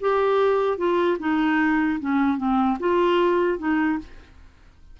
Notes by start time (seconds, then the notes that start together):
0.00 G4
0.77 F4
1.19 D#4
2.00 C#4
2.37 C4
2.80 F4
3.58 D#4